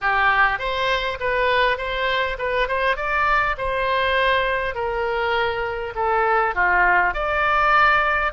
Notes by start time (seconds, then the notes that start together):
0.01 G4
0.58 C5
1.20 B4
1.77 C5
2.38 B4
2.67 C5
2.96 D5
3.57 C5
4.74 A#4
5.95 A4
6.55 F4
7.13 D5